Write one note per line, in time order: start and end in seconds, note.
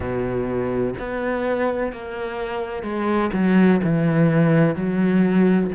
0.00 0.94 B2
0.98 1.92 B3
1.92 2.82 A#3
2.82 3.30 G#3
3.33 3.81 F#3
3.84 4.75 E3
4.75 5.70 F#3